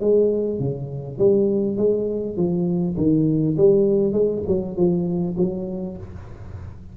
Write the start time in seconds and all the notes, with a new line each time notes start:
0.00 G#3
0.59 C#3
1.18 G3
1.77 G#3
2.37 F3
2.97 D#3
3.57 G3
4.13 G#3
4.47 F#3
4.76 F3
5.38 F#3